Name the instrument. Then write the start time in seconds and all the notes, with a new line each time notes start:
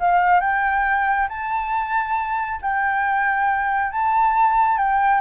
flute
0.00 F5
0.41 G5
1.29 A5
2.62 G5
3.92 A5
4.79 G5